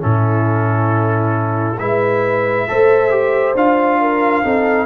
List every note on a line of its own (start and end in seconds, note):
0.00 1.80 A2
0.00 1.76 C#4
0.00 1.79 E4
0.00 1.79 A4
1.79 2.68 G#3
1.79 2.68 E4
1.79 2.68 B4
1.79 3.56 E5
2.68 3.55 A3
2.68 3.11 A4
2.68 4.01 C5
3.11 3.55 G4
3.55 4.43 D4
3.55 4.44 F4
3.55 4.87 F5
4.01 4.43 A#4
4.43 4.87 C4
4.43 4.87 D#4
4.43 4.87 A4